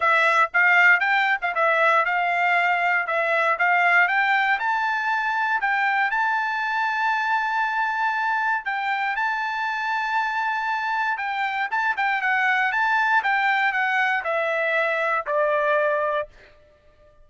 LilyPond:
\new Staff \with { instrumentName = "trumpet" } { \time 4/4 \tempo 4 = 118 e''4 f''4 g''8. f''16 e''4 | f''2 e''4 f''4 | g''4 a''2 g''4 | a''1~ |
a''4 g''4 a''2~ | a''2 g''4 a''8 g''8 | fis''4 a''4 g''4 fis''4 | e''2 d''2 | }